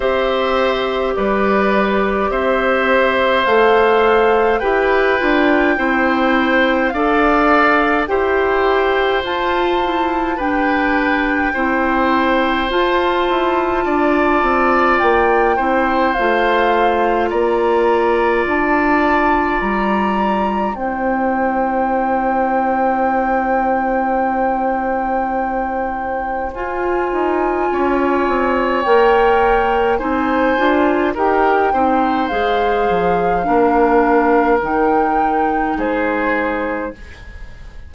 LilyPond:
<<
  \new Staff \with { instrumentName = "flute" } { \time 4/4 \tempo 4 = 52 e''4 d''4 e''4 f''4 | g''2 f''4 g''4 | a''4 g''2 a''4~ | a''4 g''4 f''4 ais''4 |
a''4 ais''4 g''2~ | g''2. gis''4~ | gis''4 g''4 gis''4 g''4 | f''2 g''4 c''4 | }
  \new Staff \with { instrumentName = "oboe" } { \time 4/4 c''4 b'4 c''2 | b'4 c''4 d''4 c''4~ | c''4 b'4 c''2 | d''4. c''4. d''4~ |
d''2 c''2~ | c''1 | cis''2 c''4 ais'8 c''8~ | c''4 ais'2 gis'4 | }
  \new Staff \with { instrumentName = "clarinet" } { \time 4/4 g'2. a'4 | g'8 f'8 e'4 a'4 g'4 | f'8 e'8 d'4 e'4 f'4~ | f'4. e'8 f'2~ |
f'2 e'2~ | e'2. f'4~ | f'4 ais'4 dis'8 f'8 g'8 dis'8 | gis'4 d'4 dis'2 | }
  \new Staff \with { instrumentName = "bassoon" } { \time 4/4 c'4 g4 c'4 a4 | e'8 d'8 c'4 d'4 e'4 | f'4 g'4 c'4 f'8 e'8 | d'8 c'8 ais8 c'8 a4 ais4 |
d'4 g4 c'2~ | c'2. f'8 dis'8 | cis'8 c'8 ais4 c'8 d'8 dis'8 c'8 | gis8 f8 ais4 dis4 gis4 | }
>>